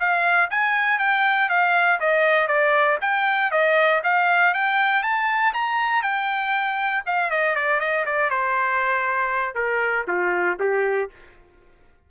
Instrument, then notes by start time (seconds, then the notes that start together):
trumpet
0.00 F5
0.51 G#5
0.99 G5
1.49 F5
2.01 D#5
2.48 D5
3.01 G5
3.51 D#5
4.04 F5
4.54 G5
5.03 A5
5.54 A#5
6.03 G5
7.06 F5
7.31 D#5
7.56 D5
7.80 D#5
8.06 D5
8.30 C5
9.55 A#4
10.08 F4
10.60 G4